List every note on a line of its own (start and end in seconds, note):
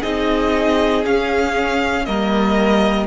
0.00 1.06 C4
0.00 1.04 D#4
0.00 2.03 G#4
0.00 1.04 D#5
1.04 2.05 C#4
1.04 2.08 C#4
1.04 2.05 F5
2.05 3.07 G3
2.05 3.07 A#3
2.05 3.07 A#4
2.05 3.07 D#5